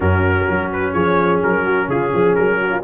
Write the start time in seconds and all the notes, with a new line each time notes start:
0.00 F#2 C#4 F#4 A#4
0.49 F#3
0.72 B4
0.92 F3 G#4 C#5
1.43 F#3 A#4
1.65 F#4
1.87 C#3 F4 G#4
2.12 F3 G#4
2.35 F#3 A#4
2.60 F#4
2.70 F4